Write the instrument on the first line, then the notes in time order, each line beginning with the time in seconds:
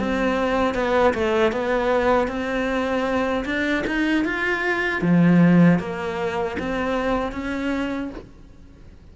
cello
0.00 C4
0.75 B3
1.14 A3
1.52 B3
2.28 C4
3.45 D4
3.87 D#4
4.25 F4
5.02 F3
5.79 A#3
6.60 C4
7.32 C#4